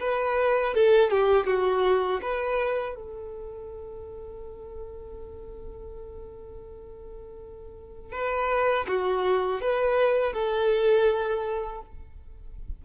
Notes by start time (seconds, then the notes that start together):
0.00 B4
0.74 A4
1.11 G4
1.47 F#4
2.22 B4
2.96 A4
8.12 B4
8.88 F#4
9.61 B4
10.33 A4